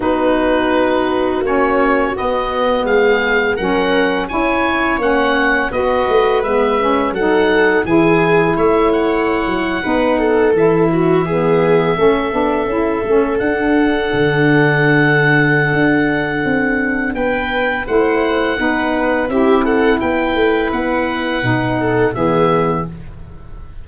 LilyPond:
<<
  \new Staff \with { instrumentName = "oboe" } { \time 4/4 \tempo 4 = 84 b'2 cis''4 dis''4 | f''4 fis''4 gis''4 fis''4 | dis''4 e''4 fis''4 gis''4 | e''8 fis''2~ fis''16 e''4~ e''16~ |
e''2~ e''8. fis''4~ fis''16~ | fis''1 | g''4 fis''2 e''8 fis''8 | g''4 fis''2 e''4 | }
  \new Staff \with { instrumentName = "viola" } { \time 4/4 fis'1 | gis'4 ais'4 cis''2 | b'2 a'4 gis'4 | cis''4.~ cis''16 b'8 a'4 fis'8 gis'16~ |
gis'8. a'2.~ a'16~ | a'1 | b'4 c''4 b'4 g'8 a'8 | b'2~ b'8 a'8 gis'4 | }
  \new Staff \with { instrumentName = "saxophone" } { \time 4/4 dis'2 cis'4 b4~ | b4 cis'4 e'4 cis'4 | fis'4 b8 cis'8 dis'4 e'4~ | e'4.~ e'16 dis'4 e'4 b16~ |
b8. cis'8 d'8 e'8 cis'8 d'4~ d'16~ | d'1~ | d'4 e'4 dis'4 e'4~ | e'2 dis'4 b4 | }
  \new Staff \with { instrumentName = "tuba" } { \time 4/4 b2 ais4 b4 | gis4 fis4 cis'4 ais4 | b8 a8 gis4 fis4 e4 | a4~ a16 fis8 b4 e4~ e16~ |
e8. a8 b8 cis'8 a8 d'4 d16~ | d2 d'4 c'4 | b4 a4 b4 c'4 | b8 a8 b4 b,4 e4 | }
>>